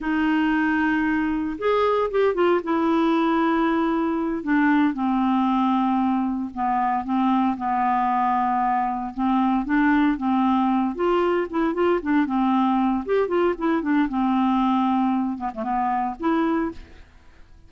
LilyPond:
\new Staff \with { instrumentName = "clarinet" } { \time 4/4 \tempo 4 = 115 dis'2. gis'4 | g'8 f'8 e'2.~ | e'8 d'4 c'2~ c'8~ | c'8 b4 c'4 b4.~ |
b4. c'4 d'4 c'8~ | c'4 f'4 e'8 f'8 d'8 c'8~ | c'4 g'8 f'8 e'8 d'8 c'4~ | c'4. b16 a16 b4 e'4 | }